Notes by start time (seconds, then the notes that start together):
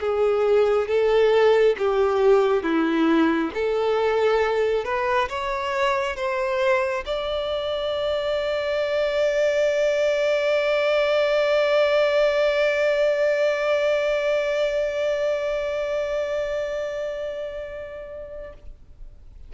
0.00 G#4
0.87 A4
1.78 G4
2.62 E4
3.54 A4
4.84 B4
5.29 C#5
6.16 C5
7.05 D5